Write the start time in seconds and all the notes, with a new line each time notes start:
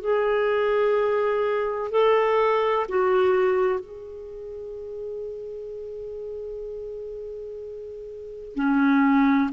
0.00 G#4
1.90 A4
2.88 F#4
3.79 G#4
8.55 C#4